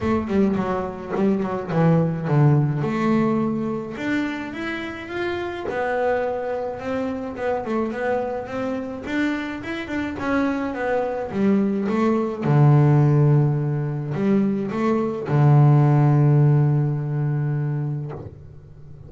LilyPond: \new Staff \with { instrumentName = "double bass" } { \time 4/4 \tempo 4 = 106 a8 g8 fis4 g8 fis8 e4 | d4 a2 d'4 | e'4 f'4 b2 | c'4 b8 a8 b4 c'4 |
d'4 e'8 d'8 cis'4 b4 | g4 a4 d2~ | d4 g4 a4 d4~ | d1 | }